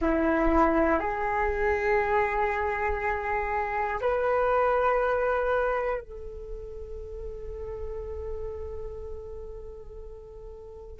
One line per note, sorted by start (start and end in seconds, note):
0.01 1.00 E4
1.00 4.00 G#4
4.00 6.00 B4
6.00 11.00 A4